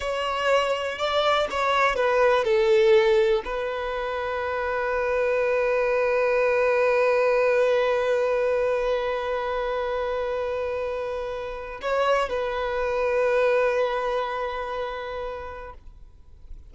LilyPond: \new Staff \with { instrumentName = "violin" } { \time 4/4 \tempo 4 = 122 cis''2 d''4 cis''4 | b'4 a'2 b'4~ | b'1~ | b'1~ |
b'1~ | b'1 | cis''4 b'2.~ | b'1 | }